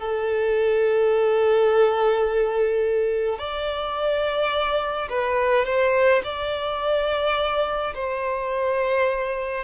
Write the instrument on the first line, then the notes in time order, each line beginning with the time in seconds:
violin
0.00 A4
3.39 D5
5.10 B4
5.66 C5
6.24 D5
7.95 C5